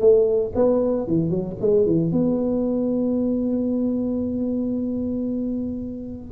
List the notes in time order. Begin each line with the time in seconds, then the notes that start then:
0.00 A3
0.56 B3
1.08 E3
1.30 F#3
1.61 G#3
1.86 E3
2.12 B3